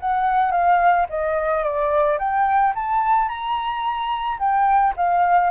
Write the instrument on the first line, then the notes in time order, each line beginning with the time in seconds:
flute
0.00 F#5
0.51 F5
1.09 D#5
1.63 D5
2.18 G5
2.74 A5
3.28 A#5
4.38 G5
4.96 F5